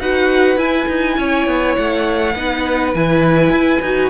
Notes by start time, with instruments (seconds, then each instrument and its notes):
0.00 cello D#4, viola F#4, violin B4 F#5
0.57 cello E4, viola E4, violin G#5
0.88 cello D#4
1.18 cello C#4, violin C#5
1.47 cello B3
1.76 cello A3, violin F#5
2.35 cello B3, viola D#4, violin B4
2.94 cello E3, viola E4, violin G#5
3.50 cello E4
3.82 cello D#4, viola F#4